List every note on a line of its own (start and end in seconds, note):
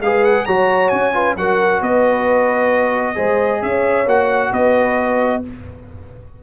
0.00 0.45 G#3
0.00 0.48 G#4
0.00 0.45 B4
0.00 0.24 F5
0.24 0.45 F#5
0.45 0.92 F#3
0.45 1.13 F#4
0.45 1.13 C#5
0.45 0.89 A#5
0.89 1.36 C#4
0.89 1.34 G#5
1.13 1.35 F4
1.13 1.36 B4
1.36 1.81 F#3
1.36 3.15 F#4
1.36 1.83 A#4
1.36 1.82 F#5
1.81 3.17 B3
1.81 3.17 B4
1.81 3.62 D#5
3.15 3.62 G#3
3.15 4.05 G#4
3.15 3.61 C5
3.61 4.06 C#4
3.61 4.51 C#5
3.61 4.08 E5
4.06 4.51 A#3
4.06 5.43 F#4
4.06 4.53 F#5
4.51 5.43 B3
4.51 5.42 B4
4.51 5.43 D#5